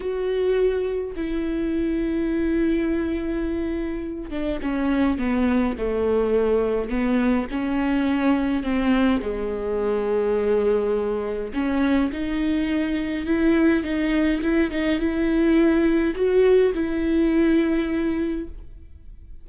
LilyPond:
\new Staff \with { instrumentName = "viola" } { \time 4/4 \tempo 4 = 104 fis'2 e'2~ | e'2.~ e'8 d'8 | cis'4 b4 a2 | b4 cis'2 c'4 |
gis1 | cis'4 dis'2 e'4 | dis'4 e'8 dis'8 e'2 | fis'4 e'2. | }